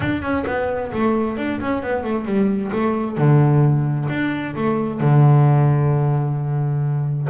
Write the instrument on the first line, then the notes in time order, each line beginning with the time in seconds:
double bass
0.00 D4
0.21 C#4
0.46 B3
0.92 A3
1.37 D4
1.60 C#4
1.82 B3
2.03 A3
2.25 G3
2.72 A3
3.17 D3
4.09 D4
4.55 A3
5.00 D3